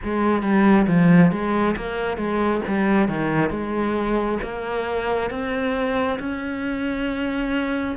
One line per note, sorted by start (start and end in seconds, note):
0.03 0.42 G#3
0.42 0.86 G3
0.87 1.31 F3
1.31 1.75 G#3
1.76 2.17 A#3
2.17 2.61 G#3
2.67 3.08 G3
3.08 3.50 D#3
3.50 4.38 G#3
4.42 5.30 A#3
5.30 6.18 C4
6.19 7.95 C#4